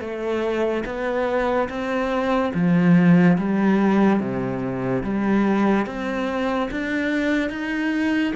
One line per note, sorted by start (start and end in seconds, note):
0.00 0.83 A3
0.85 1.69 B3
1.69 2.52 C4
2.54 3.37 F3
3.37 4.20 G3
4.20 5.03 C3
5.03 5.86 G3
5.86 6.69 C4
6.71 7.50 D4
7.50 8.33 D#4